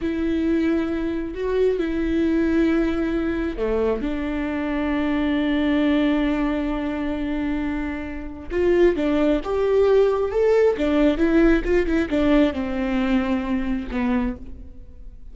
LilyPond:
\new Staff \with { instrumentName = "viola" } { \time 4/4 \tempo 4 = 134 e'2. fis'4 | e'1 | a4 d'2.~ | d'1~ |
d'2. f'4 | d'4 g'2 a'4 | d'4 e'4 f'8 e'8 d'4 | c'2. b4 | }